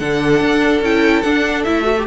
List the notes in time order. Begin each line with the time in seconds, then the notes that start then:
0.00 D3 D4 A4 F#5
0.41 D4
0.82 C#4 E4 G5
1.23 D4 F#5
1.64 A3 E4 E5
1.83 F#4
1.99 G4